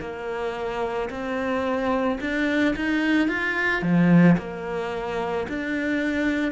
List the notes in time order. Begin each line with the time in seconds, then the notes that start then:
0.00 A#3
1.10 C4
2.20 D4
2.75 D#4
3.28 F4
3.82 F3
4.38 A#3
5.48 D4